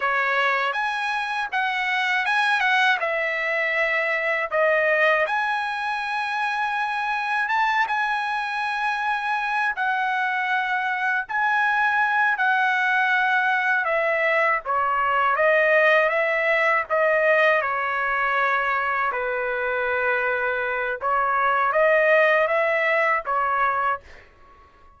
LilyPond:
\new Staff \with { instrumentName = "trumpet" } { \time 4/4 \tempo 4 = 80 cis''4 gis''4 fis''4 gis''8 fis''8 | e''2 dis''4 gis''4~ | gis''2 a''8 gis''4.~ | gis''4 fis''2 gis''4~ |
gis''8 fis''2 e''4 cis''8~ | cis''8 dis''4 e''4 dis''4 cis''8~ | cis''4. b'2~ b'8 | cis''4 dis''4 e''4 cis''4 | }